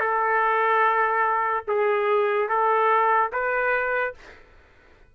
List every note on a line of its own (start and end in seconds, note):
0.00 1.64 A4
1.67 2.48 G#4
2.48 3.31 A4
3.32 4.14 B4